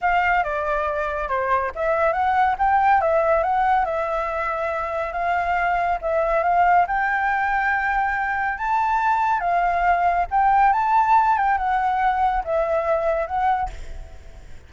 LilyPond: \new Staff \with { instrumentName = "flute" } { \time 4/4 \tempo 4 = 140 f''4 d''2 c''4 | e''4 fis''4 g''4 e''4 | fis''4 e''2. | f''2 e''4 f''4 |
g''1 | a''2 f''2 | g''4 a''4. g''8 fis''4~ | fis''4 e''2 fis''4 | }